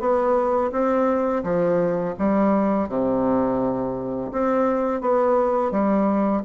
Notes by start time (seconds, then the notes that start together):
0.00 B3
0.72 C4
1.44 F3
2.19 G3
2.89 C3
4.32 C4
5.01 B3
5.71 G3